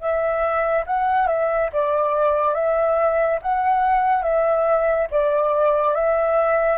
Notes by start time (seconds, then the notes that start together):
0.00 E5
0.86 F#5
1.27 E5
1.72 D5
2.54 E5
3.42 F#5
4.22 E5
5.10 D5
5.95 E5